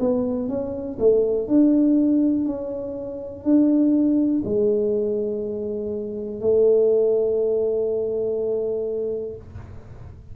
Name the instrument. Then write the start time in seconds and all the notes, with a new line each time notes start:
tuba
0.00 B3
0.49 C#4
0.99 A3
1.48 D4
2.46 C#4
3.44 D4
4.45 G#3
6.41 A3